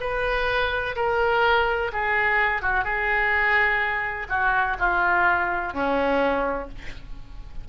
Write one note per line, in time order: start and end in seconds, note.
0.00 0.95 B4
0.96 1.91 A#4
1.92 2.61 G#4
2.61 2.84 F#4
2.84 4.27 G#4
4.29 4.76 F#4
4.79 5.73 F4
5.73 6.68 C#4